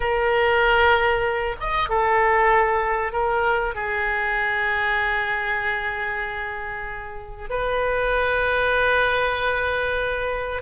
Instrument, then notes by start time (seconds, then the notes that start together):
oboe
0.00 A#4
1.60 D#5
1.89 A4
3.12 A#4
3.74 G#4
7.49 B4